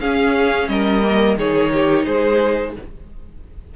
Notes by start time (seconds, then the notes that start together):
0.00 C#4 G#4 F5
0.68 G3 A#4 D#5
1.02 A#3
1.37 D#3 D#4 G#4 C#5
1.73 G4
2.05 G#3 G#4 C5